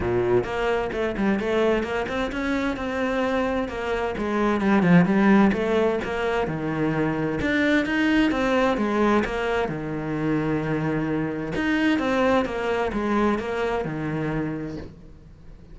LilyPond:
\new Staff \with { instrumentName = "cello" } { \time 4/4 \tempo 4 = 130 ais,4 ais4 a8 g8 a4 | ais8 c'8 cis'4 c'2 | ais4 gis4 g8 f8 g4 | a4 ais4 dis2 |
d'4 dis'4 c'4 gis4 | ais4 dis2.~ | dis4 dis'4 c'4 ais4 | gis4 ais4 dis2 | }